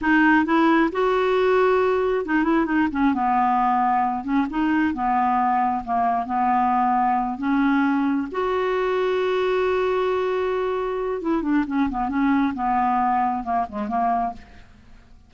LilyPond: \new Staff \with { instrumentName = "clarinet" } { \time 4/4 \tempo 4 = 134 dis'4 e'4 fis'2~ | fis'4 dis'8 e'8 dis'8 cis'8 b4~ | b4. cis'8 dis'4 b4~ | b4 ais4 b2~ |
b8 cis'2 fis'4.~ | fis'1~ | fis'4 e'8 d'8 cis'8 b8 cis'4 | b2 ais8 gis8 ais4 | }